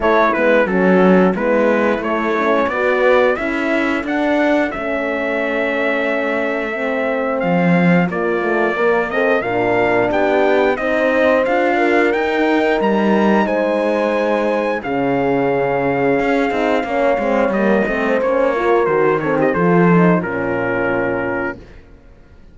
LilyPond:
<<
  \new Staff \with { instrumentName = "trumpet" } { \time 4/4 \tempo 4 = 89 cis''8 b'8 a'4 b'4 cis''4 | d''4 e''4 fis''4 e''4~ | e''2. f''4 | d''4. dis''8 f''4 g''4 |
dis''4 f''4 g''4 ais''4 | gis''2 f''2~ | f''2 dis''4 cis''4 | c''8 cis''16 dis''16 c''4 ais'2 | }
  \new Staff \with { instrumentName = "horn" } { \time 4/4 e'4 fis'4 e'2 | b'4 a'2.~ | a'1 | f'4 ais'8 a'8 ais'4 g'4 |
c''4. ais'2~ ais'8 | c''2 gis'2~ | gis'4 cis''4. c''4 ais'8~ | ais'8 a'16 g'16 a'4 f'2 | }
  \new Staff \with { instrumentName = "horn" } { \time 4/4 a8 b8 cis'4 b4 a8 cis'8 | fis'4 e'4 d'4 cis'4~ | cis'2 c'2 | ais8 a8 ais8 c'8 d'2 |
dis'4 f'4 dis'2~ | dis'2 cis'2~ | cis'8 dis'8 cis'8 c'8 ais8 c'8 cis'8 f'8 | fis'8 c'8 f'8 dis'8 cis'2 | }
  \new Staff \with { instrumentName = "cello" } { \time 4/4 a8 gis8 fis4 gis4 a4 | b4 cis'4 d'4 a4~ | a2. f4 | ais2 ais,4 b4 |
c'4 d'4 dis'4 g4 | gis2 cis2 | cis'8 c'8 ais8 gis8 g8 a8 ais4 | dis4 f4 ais,2 | }
>>